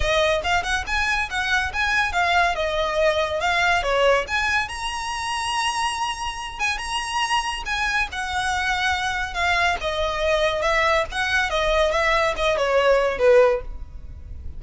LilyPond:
\new Staff \with { instrumentName = "violin" } { \time 4/4 \tempo 4 = 141 dis''4 f''8 fis''8 gis''4 fis''4 | gis''4 f''4 dis''2 | f''4 cis''4 gis''4 ais''4~ | ais''2.~ ais''8 gis''8 |
ais''2 gis''4 fis''4~ | fis''2 f''4 dis''4~ | dis''4 e''4 fis''4 dis''4 | e''4 dis''8 cis''4. b'4 | }